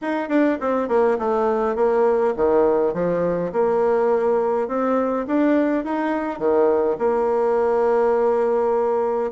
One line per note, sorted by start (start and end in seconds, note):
0.01 0.28 D#4
0.28 0.57 D4
0.60 0.88 C4
0.88 1.17 A#3
1.19 1.75 A3
1.75 2.34 A#3
2.36 2.93 D#3
2.93 3.51 F3
3.52 4.68 A#3
4.68 5.26 C4
5.27 5.84 D4
5.84 6.39 D#4
6.39 6.97 D#3
6.98 9.31 A#3